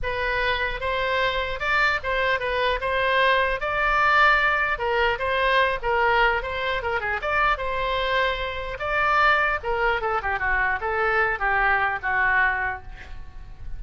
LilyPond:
\new Staff \with { instrumentName = "oboe" } { \time 4/4 \tempo 4 = 150 b'2 c''2 | d''4 c''4 b'4 c''4~ | c''4 d''2. | ais'4 c''4. ais'4. |
c''4 ais'8 gis'8 d''4 c''4~ | c''2 d''2 | ais'4 a'8 g'8 fis'4 a'4~ | a'8 g'4. fis'2 | }